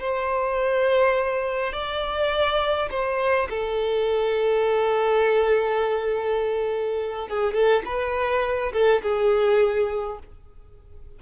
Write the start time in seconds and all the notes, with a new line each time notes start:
0.00 C5
1.73 D5
2.90 C5
3.50 A4
7.28 G#4
7.54 A4
7.85 B4
8.73 A4
9.02 G#4